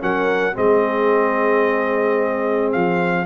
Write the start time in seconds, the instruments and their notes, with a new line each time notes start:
0.00 tuba F#3, trombone C#4, horn A#4, trumpet F#5
0.54 tuba G#3, trombone C4, horn G#4, trumpet D#5
2.73 tuba F3, trumpet F5